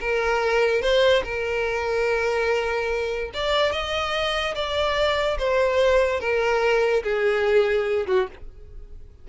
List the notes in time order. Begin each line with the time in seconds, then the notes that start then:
0.00 A#4
0.81 C5
1.24 A#4
3.33 D5
3.72 D#5
4.55 D5
5.38 C5
6.20 A#4
7.03 G#4
8.07 F#4